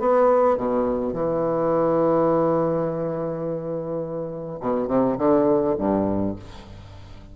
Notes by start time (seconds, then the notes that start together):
0.00 B3
0.58 B2
1.14 E3
4.61 B2
4.88 C3
5.18 D3
5.78 G2